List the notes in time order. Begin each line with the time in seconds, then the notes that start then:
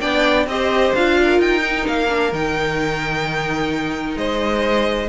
0.00 B3 D4 D5 G5
0.46 C4 G4 C5 D#5
0.94 D4 F4 F5
1.22 A#4
1.39 D#4 G5
1.60 D#4
1.87 A#3 F5
2.09 D4
2.32 D#3 D#4 G5
4.15 G#3 C5 D#5